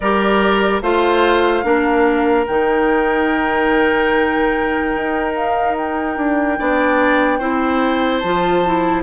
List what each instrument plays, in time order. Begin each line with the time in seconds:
0.00 bassoon G3, clarinet G4, oboe A#4, flute D5
0.81 bassoon A3, clarinet F4, oboe C5, flute F5
1.63 bassoon A#3, clarinet D4, oboe A#4
2.46 bassoon D#3, clarinet D#4, flute G5
4.95 bassoon D#4
5.35 flute F5
5.77 flute G5
6.16 bassoon D4
6.58 bassoon B3, clarinet D4, oboe D5
7.38 bassoon C4, clarinet E4, oboe C5
8.19 bassoon F3, clarinet F4, flute A5
8.65 clarinet E4